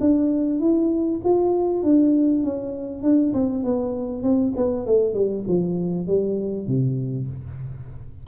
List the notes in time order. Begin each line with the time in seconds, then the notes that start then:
0.00 D4
0.60 E4
1.24 F4
1.83 D4
2.44 C#4
3.02 D4
3.33 C4
3.64 B3
4.22 C4
4.56 B3
4.86 A3
5.14 G3
5.48 F3
6.07 G3
6.67 C3